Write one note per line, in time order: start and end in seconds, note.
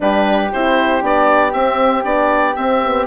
0.00 0.52 G3
0.00 0.49 D4
0.00 3.07 G4
0.00 0.52 B4
0.52 1.02 C4
0.52 1.01 E4
0.52 1.03 C5
1.01 1.53 B3
1.01 1.53 D4
1.01 1.52 D5
1.52 2.03 C4
1.52 2.04 C4
1.52 2.04 E5
2.03 2.55 B3
2.03 2.54 D4
2.03 2.55 D5
2.55 2.82 C4
2.55 3.07 C4
2.55 3.06 E5
2.83 3.07 B3